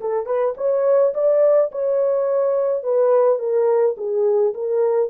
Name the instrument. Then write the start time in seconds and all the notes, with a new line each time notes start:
horn
0.00 A4
0.26 B4
0.57 C#5
1.14 D5
1.71 C#5
2.83 B4
3.39 A#4
3.97 G#4
4.54 A#4